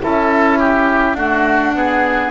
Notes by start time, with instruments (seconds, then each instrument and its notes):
0.00 double bass C#4, saxophone E4, oboe A4, flute E5
0.59 oboe G4
1.15 saxophone A3, double bass D4, oboe F#4, flute F#5
1.75 saxophone B3, oboe G#4